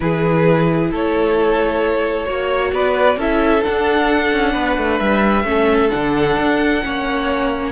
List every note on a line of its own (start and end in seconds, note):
0.00 0.91 E3
0.00 2.25 E4
0.00 0.91 G#4
0.00 0.90 B4
0.91 2.27 A3
0.91 2.25 A4
0.91 2.73 C#5
2.25 2.72 A#3
2.25 3.16 F#4
2.25 2.71 C#5
2.72 3.16 B3
2.72 3.18 B4
2.72 3.19 D5
3.16 3.61 C#4
3.16 3.63 E4
3.16 4.52 A4
3.16 3.63 E5
3.63 5.44 D4
3.63 4.32 D4
3.63 4.99 F#5
4.32 4.54 C#4
4.52 4.77 B3
4.52 5.43 B4
4.77 5.00 A3
4.99 5.44 G3
4.99 5.90 E5
5.44 5.89 A3
5.44 5.89 C#4
5.44 6.84 A4
5.89 6.37 D3
5.89 6.80 D4
5.89 7.71 F#5
6.37 6.82 D4
6.82 7.71 A#3
6.82 7.71 C#4
6.82 7.71 C#5